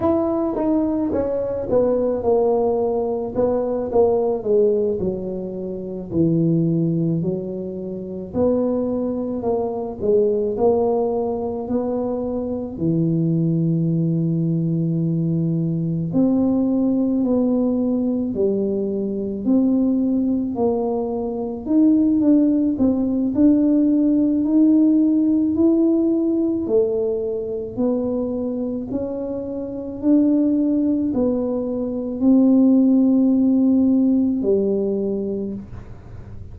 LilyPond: \new Staff \with { instrumentName = "tuba" } { \time 4/4 \tempo 4 = 54 e'8 dis'8 cis'8 b8 ais4 b8 ais8 | gis8 fis4 e4 fis4 b8~ | b8 ais8 gis8 ais4 b4 e8~ | e2~ e8 c'4 b8~ |
b8 g4 c'4 ais4 dis'8 | d'8 c'8 d'4 dis'4 e'4 | a4 b4 cis'4 d'4 | b4 c'2 g4 | }